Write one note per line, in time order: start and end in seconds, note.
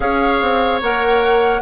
0.00 0.41 C#4
0.00 0.81 G#4
0.00 1.61 C#5
0.00 0.81 F5
0.41 0.81 C4
0.81 1.61 A#3
0.81 1.61 A#4
0.81 1.61 F#5